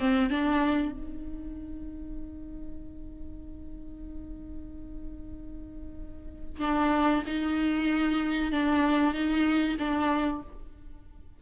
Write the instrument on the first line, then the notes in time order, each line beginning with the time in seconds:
viola
0.00 C4
0.30 D4
0.93 D#4
6.60 D4
7.27 D#4
8.52 D4
9.14 D#4
9.79 D4